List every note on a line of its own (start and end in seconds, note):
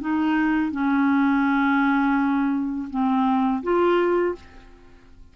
0.00 0.71 D#4
0.71 2.88 C#4
2.90 3.62 C4
3.62 4.35 F4